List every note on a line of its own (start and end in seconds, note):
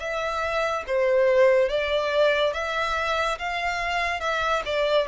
0.00 0.85 E5
0.87 1.69 C5
1.69 2.54 D5
2.54 3.38 E5
3.39 4.20 F5
4.20 4.62 E5
4.66 5.08 D5